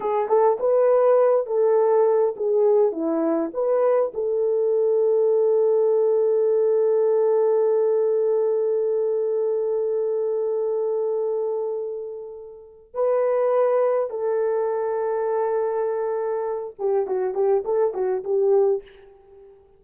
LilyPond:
\new Staff \with { instrumentName = "horn" } { \time 4/4 \tempo 4 = 102 gis'8 a'8 b'4. a'4. | gis'4 e'4 b'4 a'4~ | a'1~ | a'1~ |
a'1~ | a'2 b'2 | a'1~ | a'8 g'8 fis'8 g'8 a'8 fis'8 g'4 | }